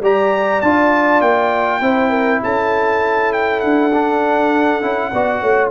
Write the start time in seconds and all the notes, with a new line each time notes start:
0.00 G3 G4 D5 A#5
0.61 D4 F4 A5
1.21 A#3 G5
1.81 C4 E4 C5
2.10 A#4
2.43 C#4 A4 A5
3.33 G5
3.60 D4 F#5
3.93 D4
4.82 C#4 E4
5.12 B3 F#4 D5
5.42 A3 C#5